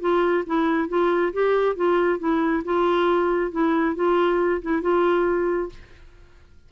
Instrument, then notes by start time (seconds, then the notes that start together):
clarinet
0.00 F4
0.46 E4
0.88 F4
1.33 G4
1.76 F4
2.19 E4
2.64 F4
3.51 E4
3.95 F4
4.61 E4
4.81 F4